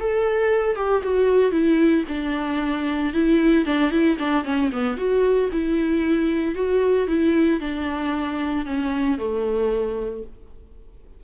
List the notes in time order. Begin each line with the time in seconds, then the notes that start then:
0.00 A4
0.76 G4
1.03 F#4
1.52 E4
2.08 D4
3.14 E4
3.66 D4
3.91 E4
4.19 D4
4.44 C#4
4.72 B3
4.98 F#4
5.52 E4
6.55 F#4
7.08 E4
7.61 D4
8.66 C#4
9.18 A3